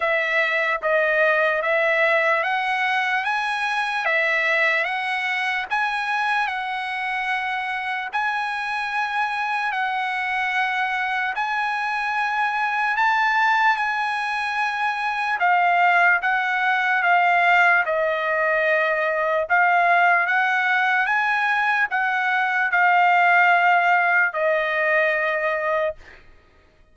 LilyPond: \new Staff \with { instrumentName = "trumpet" } { \time 4/4 \tempo 4 = 74 e''4 dis''4 e''4 fis''4 | gis''4 e''4 fis''4 gis''4 | fis''2 gis''2 | fis''2 gis''2 |
a''4 gis''2 f''4 | fis''4 f''4 dis''2 | f''4 fis''4 gis''4 fis''4 | f''2 dis''2 | }